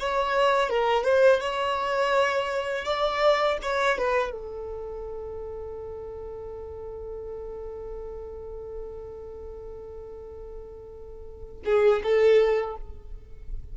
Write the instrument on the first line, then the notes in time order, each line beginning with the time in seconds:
violin
0.00 C#5
0.70 A#4
1.04 C5
1.41 C#5
2.85 D5
3.63 C#5
3.98 B4
4.31 A4
11.66 G#4
12.03 A4